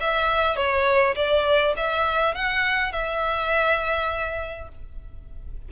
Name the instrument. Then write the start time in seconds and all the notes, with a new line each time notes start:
violin
0.00 E5
0.56 C#5
1.16 D5
1.76 E5
2.34 F#5
2.92 E5